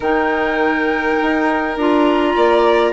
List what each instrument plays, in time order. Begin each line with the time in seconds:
0.00 bassoon D#3, clarinet D#4, violin A#4, flute G5
1.21 bassoon D#4
1.76 bassoon D4, clarinet F4, flute A#5
2.36 bassoon A#3, violin D5